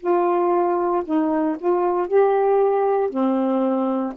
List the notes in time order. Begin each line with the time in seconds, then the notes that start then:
0.00 F4
1.05 D#4
1.59 F4
2.08 G4
3.10 C4